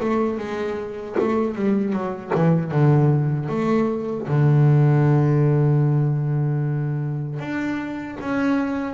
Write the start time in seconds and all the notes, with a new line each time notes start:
0.00 A3
0.38 G#3
1.19 A3
1.55 G3
1.92 F#3
2.34 E3
2.71 D3
3.49 A3
4.27 D3
7.39 D4
8.20 C#4